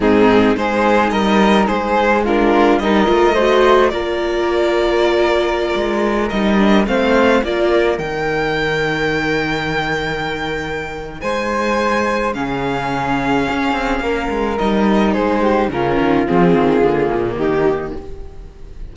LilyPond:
<<
  \new Staff \with { instrumentName = "violin" } { \time 4/4 \tempo 4 = 107 gis'4 c''4 dis''4 c''4 | ais'4 dis''2 d''4~ | d''2.~ d''16 dis''8.~ | dis''16 f''4 d''4 g''4.~ g''16~ |
g''1 | gis''2 f''2~ | f''2 dis''4 c''4 | ais'4 gis'2 g'4 | }
  \new Staff \with { instrumentName = "flute" } { \time 4/4 dis'4 gis'4 ais'4 gis'4 | f'4 ais'4 c''4 ais'4~ | ais'1~ | ais'16 c''4 ais'2~ ais'8.~ |
ais'1 | c''2 gis'2~ | gis'4 ais'2 gis'8 g'8 | f'2. dis'4 | }
  \new Staff \with { instrumentName = "viola" } { \time 4/4 c'4 dis'2. | d'4 dis'8 f'8 fis'4 f'4~ | f'2.~ f'16 dis'8 d'16~ | d'16 c'4 f'4 dis'4.~ dis'16~ |
dis'1~ | dis'2 cis'2~ | cis'2 dis'2 | cis'4 c'4 ais2 | }
  \new Staff \with { instrumentName = "cello" } { \time 4/4 gis,4 gis4 g4 gis4~ | gis4 g8 a4. ais4~ | ais2~ ais16 gis4 g8.~ | g16 a4 ais4 dis4.~ dis16~ |
dis1 | gis2 cis2 | cis'8 c'8 ais8 gis8 g4 gis4 | cis8 dis8 f8 dis8 d8 ais,8 dis4 | }
>>